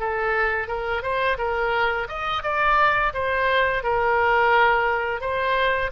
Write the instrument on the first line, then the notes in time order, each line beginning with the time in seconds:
oboe
0.00 A4
0.68 A#4
1.03 C5
1.38 A#4
2.09 D#5
2.43 D5
3.14 C5
3.83 A#4
5.21 C5